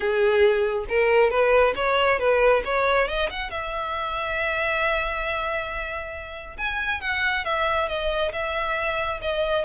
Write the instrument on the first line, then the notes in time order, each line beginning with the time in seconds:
violin
0.00 G#4
0.89 A#4
1.30 B4
1.75 C#5
2.19 B4
2.65 C#5
3.08 D#5
3.29 F#5
3.50 E5
6.57 G#5
7.01 F#5
7.45 E5
7.88 D#5
8.32 E5
9.21 D#5